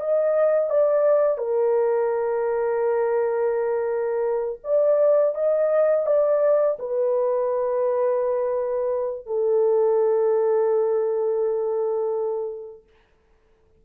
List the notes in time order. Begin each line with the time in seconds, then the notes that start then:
0.00 D#5
0.69 D5
1.38 A#4
4.64 D5
5.35 D#5
6.06 D5
6.79 B4
9.26 A4